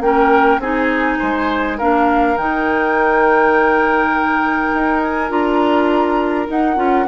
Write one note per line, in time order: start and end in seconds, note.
0.00 0.59 A#3
0.00 0.61 C#4
0.00 0.61 A#4
0.00 0.60 G5
0.59 1.17 C4
0.59 1.79 D#4
0.59 1.19 G#4
0.59 1.78 G#5
1.19 1.80 G#3
1.19 1.78 C5
1.78 2.37 A#3
1.78 2.37 D4
1.78 7.07 A#4
1.78 2.37 F5
2.37 4.72 D#3
2.37 5.29 D#4
2.37 5.01 G5
4.73 5.30 D#4
5.01 5.31 G#5
5.29 6.48 D4
5.29 6.47 F4
5.29 6.49 A#5
6.47 6.76 D#4
6.47 7.08 F#5
6.76 7.06 C#4
6.76 7.06 F4